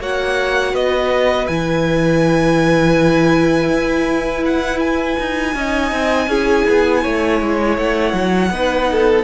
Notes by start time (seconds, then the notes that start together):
0.00 A#3 F#4 C#5 F#5
0.74 B3 B4 D#5
1.47 E3 E4 G#5
3.69 E4
4.46 F#5
4.79 G#5
5.19 D#4
5.55 C#4 D#4 D#5
5.92 C4
6.27 C#4 E4 G#4
6.69 B3
7.02 A3 C#5
7.42 G#3
7.78 A3 F#5
8.13 F#3
8.50 B3 D#4 B4
8.92 A4